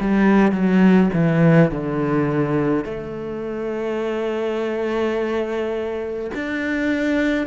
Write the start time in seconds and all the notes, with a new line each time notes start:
0.00 G3
0.52 F#3
1.13 E3
1.71 D3
2.85 A3
6.35 D4